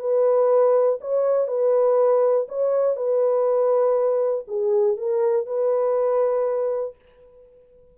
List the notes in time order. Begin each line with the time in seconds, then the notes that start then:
0.00 B4
1.01 C#5
1.48 B4
2.49 C#5
2.96 B4
4.48 G#4
4.97 A#4
5.47 B4